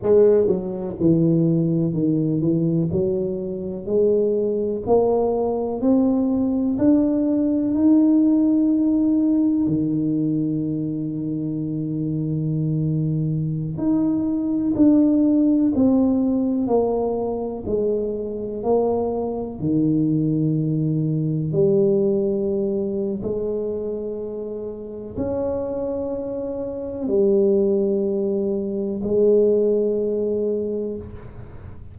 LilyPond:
\new Staff \with { instrumentName = "tuba" } { \time 4/4 \tempo 4 = 62 gis8 fis8 e4 dis8 e8 fis4 | gis4 ais4 c'4 d'4 | dis'2 dis2~ | dis2~ dis16 dis'4 d'8.~ |
d'16 c'4 ais4 gis4 ais8.~ | ais16 dis2 g4.~ g16 | gis2 cis'2 | g2 gis2 | }